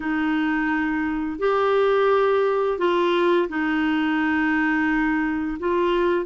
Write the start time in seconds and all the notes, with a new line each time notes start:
0.00 D#4
1.39 G4
2.78 F4
3.49 D#4
5.59 F4